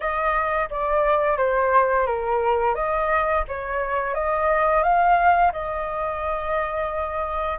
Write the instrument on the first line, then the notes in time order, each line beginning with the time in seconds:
flute
0.00 D#5
0.70 D5
1.37 C5
2.06 A#4
2.75 D#5
3.48 C#5
4.14 D#5
4.83 F5
5.52 D#5